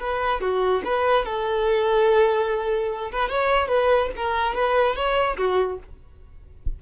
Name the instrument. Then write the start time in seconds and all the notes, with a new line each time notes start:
violin
0.00 B4
0.41 F#4
0.85 B4
1.25 A4
3.12 B4
3.30 C#5
3.68 B4
4.16 A#4
4.55 B4
4.96 C#5
5.37 F#4